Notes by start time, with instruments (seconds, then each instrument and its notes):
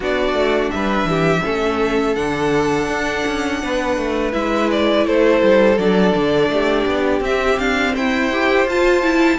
0.00 cello B3, viola D4, violin F#4 D5
0.33 cello A3
0.70 cello G3, violin B4 E5
1.04 cello E3, violin G4
1.42 cello A3, viola C#4, violin A4
2.15 cello D3, viola D4, violin F#5
2.87 cello D4
3.26 cello C#4
3.62 cello B3, violin B4
3.97 cello A3
4.32 cello G#3, viola E4, violin E5
4.71 violin D5
5.06 cello A3, violin A4 C5
5.42 cello G3
5.78 cello F#3, viola D4, violin D5
6.15 cello D3
6.49 cello A3, violin G4
6.86 cello B3
7.20 cello C4, viola C4, violin E5
7.58 cello D4, violin F5
7.93 cello E4, violin C5 G5
8.31 viola G4
8.65 cello F4, viola F4, violin A5
9.02 viola E4